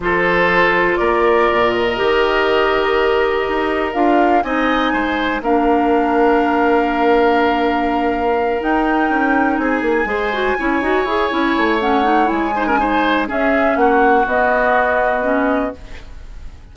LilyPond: <<
  \new Staff \with { instrumentName = "flute" } { \time 4/4 \tempo 4 = 122 c''2 d''4. dis''8~ | dis''1 | f''4 gis''2 f''4~ | f''1~ |
f''4. g''2 gis''8~ | gis''1 | fis''4 gis''2 e''4 | fis''4 dis''2. | }
  \new Staff \with { instrumentName = "oboe" } { \time 4/4 a'2 ais'2~ | ais'1~ | ais'4 dis''4 c''4 ais'4~ | ais'1~ |
ais'2.~ ais'8 gis'8~ | gis'8 c''4 cis''2~ cis''8~ | cis''4. c''16 ais'16 c''4 gis'4 | fis'1 | }
  \new Staff \with { instrumentName = "clarinet" } { \time 4/4 f'1 | g'1 | f'4 dis'2 d'4~ | d'1~ |
d'4. dis'2~ dis'8~ | dis'8 gis'8 fis'8 e'8 fis'8 gis'8 e'4 | cis'8 dis'8 e'8 dis'16 cis'16 dis'4 cis'4~ | cis'4 b2 cis'4 | }
  \new Staff \with { instrumentName = "bassoon" } { \time 4/4 f2 ais4 ais,4 | dis2. dis'4 | d'4 c'4 gis4 ais4~ | ais1~ |
ais4. dis'4 cis'4 c'8 | ais8 gis4 cis'8 dis'8 e'8 cis'8 a8~ | a4 gis2 cis'4 | ais4 b2. | }
>>